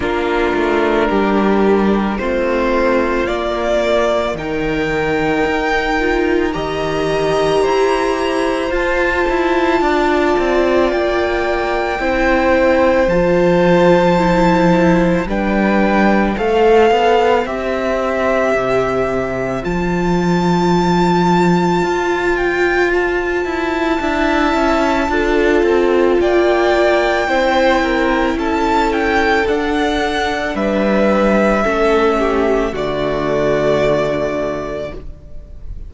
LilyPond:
<<
  \new Staff \with { instrumentName = "violin" } { \time 4/4 \tempo 4 = 55 ais'2 c''4 d''4 | g''2 ais''2 | a''2 g''2 | a''2 g''4 f''4 |
e''2 a''2~ | a''8 g''8 a''2. | g''2 a''8 g''8 fis''4 | e''2 d''2 | }
  \new Staff \with { instrumentName = "violin" } { \time 4/4 f'4 g'4 f'2 | ais'2 dis''4 c''4~ | c''4 d''2 c''4~ | c''2 b'4 c''4~ |
c''1~ | c''2 e''4 a'4 | d''4 c''8 ais'8 a'2 | b'4 a'8 g'8 fis'2 | }
  \new Staff \with { instrumentName = "viola" } { \time 4/4 d'2 c'4 ais4 | dis'4. f'8 g'2 | f'2. e'4 | f'4 e'4 d'4 a'4 |
g'2 f'2~ | f'2 e'4 f'4~ | f'4 e'2 d'4~ | d'4 cis'4 a2 | }
  \new Staff \with { instrumentName = "cello" } { \time 4/4 ais8 a8 g4 a4 ais4 | dis4 dis'4 dis4 e'4 | f'8 e'8 d'8 c'8 ais4 c'4 | f2 g4 a8 b8 |
c'4 c4 f2 | f'4. e'8 d'8 cis'8 d'8 c'8 | ais4 c'4 cis'4 d'4 | g4 a4 d2 | }
>>